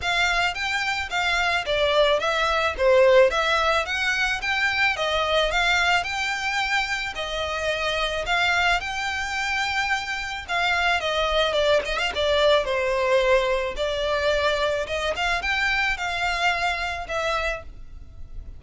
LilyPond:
\new Staff \with { instrumentName = "violin" } { \time 4/4 \tempo 4 = 109 f''4 g''4 f''4 d''4 | e''4 c''4 e''4 fis''4 | g''4 dis''4 f''4 g''4~ | g''4 dis''2 f''4 |
g''2. f''4 | dis''4 d''8 dis''16 f''16 d''4 c''4~ | c''4 d''2 dis''8 f''8 | g''4 f''2 e''4 | }